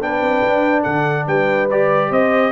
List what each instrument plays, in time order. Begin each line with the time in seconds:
0.00 tuba B3, trombone D4, horn B4, trumpet G5
0.21 tuba C4
0.43 tuba D4
0.82 tuba D3, horn A4, trumpet F#5
1.27 tuba G3, horn B4, trumpet G5
1.70 trombone G4, trumpet D5
2.10 tuba C4, horn C5, trumpet D#5